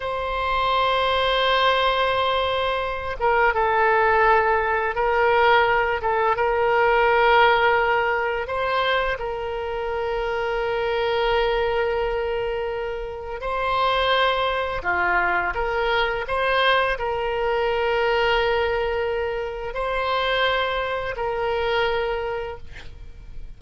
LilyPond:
\new Staff \with { instrumentName = "oboe" } { \time 4/4 \tempo 4 = 85 c''1~ | c''8 ais'8 a'2 ais'4~ | ais'8 a'8 ais'2. | c''4 ais'2.~ |
ais'2. c''4~ | c''4 f'4 ais'4 c''4 | ais'1 | c''2 ais'2 | }